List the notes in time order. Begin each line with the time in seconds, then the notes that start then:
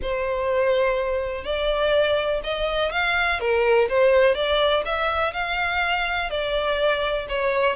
0.02 C5
1.44 D5
2.43 D#5
2.91 F5
3.40 A#4
3.88 C5
4.35 D5
4.85 E5
5.33 F5
6.30 D5
7.28 C#5